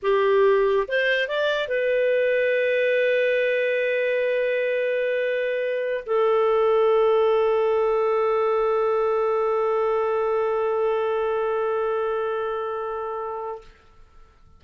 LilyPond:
\new Staff \with { instrumentName = "clarinet" } { \time 4/4 \tempo 4 = 141 g'2 c''4 d''4 | b'1~ | b'1~ | b'2~ b'16 a'4.~ a'16~ |
a'1~ | a'1~ | a'1~ | a'1 | }